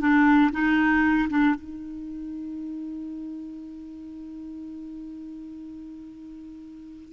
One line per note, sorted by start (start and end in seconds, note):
0.00 0.51 D4
0.52 1.29 D#4
1.30 1.55 D4
1.56 7.13 D#4